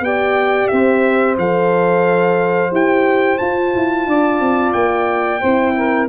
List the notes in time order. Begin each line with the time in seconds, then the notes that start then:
0.00 B3 G4 D5 G5
0.68 C4 C5 E5
1.37 F3 A4 F5
2.71 E4 G4 G5
3.37 F4 A5
3.74 E4
4.06 D4 D5
4.40 C4
4.73 A#3 G5
5.39 C4 E4 C5
5.76 A#4